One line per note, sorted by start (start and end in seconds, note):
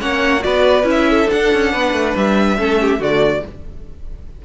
0.00 0.45 A#3
0.00 0.39 C#4
0.00 0.43 C#5
0.00 0.43 F#5
0.39 0.82 F#4
0.39 0.86 D5
0.46 0.84 B3
0.46 1.10 B4
0.84 1.27 C#4
0.84 1.27 E4
0.91 1.30 E5
1.10 1.72 A4
1.29 2.57 D4
1.29 1.54 D4
1.29 2.16 F#5
1.54 1.74 C#4
1.72 1.92 B3
1.72 2.58 B4
1.92 2.14 A3
2.16 2.59 G3
2.16 3.02 E5
2.57 3.00 A3
2.57 2.99 C#4
2.57 2.81 A4
2.81 3.00 G4
2.99 3.43 D3
2.99 3.42 A3
2.99 3.43 F#4
2.99 3.45 D5